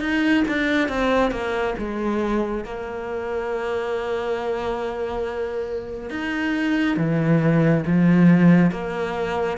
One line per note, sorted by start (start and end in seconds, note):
0.00 0.43 D#4
0.48 0.88 D4
0.88 1.31 C4
1.31 1.74 A#3
1.78 2.64 G#3
2.64 6.10 A#3
6.10 6.96 D#4
6.96 7.83 E3
7.86 8.71 F3
8.71 9.57 A#3